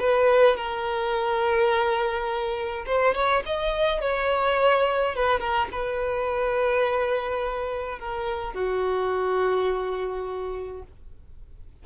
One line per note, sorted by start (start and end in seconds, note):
0.00 0.57 B4
0.57 2.85 A#4
2.86 3.15 C5
3.15 3.43 C#5
3.46 4.01 D#5
4.01 5.15 C#5
5.15 5.40 B4
5.40 5.68 A#4
5.72 7.99 B4
7.99 8.54 A#4
8.54 10.83 F#4